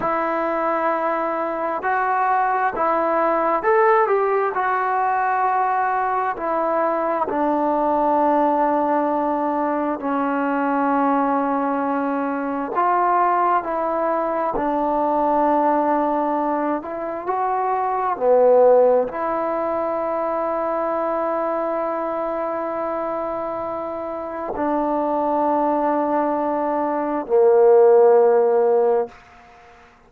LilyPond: \new Staff \with { instrumentName = "trombone" } { \time 4/4 \tempo 4 = 66 e'2 fis'4 e'4 | a'8 g'8 fis'2 e'4 | d'2. cis'4~ | cis'2 f'4 e'4 |
d'2~ d'8 e'8 fis'4 | b4 e'2.~ | e'2. d'4~ | d'2 ais2 | }